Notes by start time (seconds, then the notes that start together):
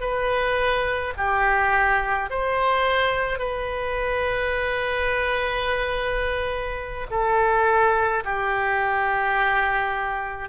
0.00 B4
1.17 G4
2.30 C5
3.39 B4
7.10 A4
8.24 G4